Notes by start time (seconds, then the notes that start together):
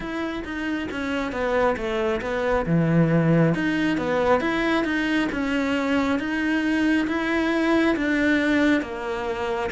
0.00 E4
0.44 D#4
0.91 C#4
1.32 B3
1.76 A3
2.21 B3
2.66 E3
3.54 D#4
3.97 B3
4.40 E4
4.84 D#4
5.32 C#4
6.19 D#4
7.07 E4
7.96 D4
8.81 A#3